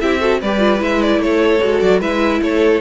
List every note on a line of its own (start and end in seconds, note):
0.00 0.42 C4
0.00 0.19 E4
0.00 0.19 G4
0.00 0.40 E5
0.19 0.39 F#4
0.19 0.39 A4
0.40 0.81 G3
0.40 0.58 G4
0.40 1.21 B4
0.40 0.82 D5
0.58 0.78 F4
0.78 1.18 G#3
0.78 1.59 E4
0.78 1.02 E5
1.02 1.21 D5
1.18 1.58 A3
1.18 2.00 A4
1.18 1.79 C#5
1.61 1.82 G#3
1.61 2.01 F#4
1.79 2.00 F#3
1.79 1.99 D5
2.00 2.41 G#3
2.00 2.81 E4
2.00 2.41 B4
2.00 2.41 E5
2.41 2.81 A3
2.41 2.81 A4
2.41 2.81 C#5